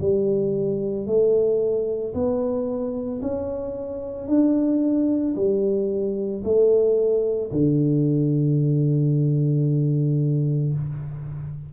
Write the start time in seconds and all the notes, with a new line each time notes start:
0.00 G3
1.07 A3
2.14 B3
3.21 C#4
4.28 D4
5.36 G3
6.44 A3
7.52 D3